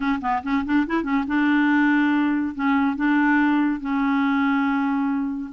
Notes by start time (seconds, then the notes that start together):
0.00 C#4
0.21 B3
0.43 C#4
0.65 D4
0.86 E4
1.03 C#4
1.27 D4
2.54 C#4
2.96 D4
3.80 C#4